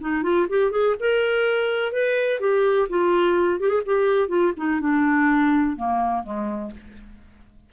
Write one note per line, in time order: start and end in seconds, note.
0.00 0.22 D#4
0.22 0.46 F4
0.49 0.71 G4
0.71 0.95 G#4
0.99 1.92 A#4
1.92 2.40 B4
2.40 2.88 G4
2.89 3.60 F4
3.60 3.69 G4
3.69 3.81 G#4
3.86 4.29 G4
4.29 4.53 F4
4.56 4.80 D#4
4.80 5.76 D4
5.76 6.23 A#3
6.23 6.71 G#3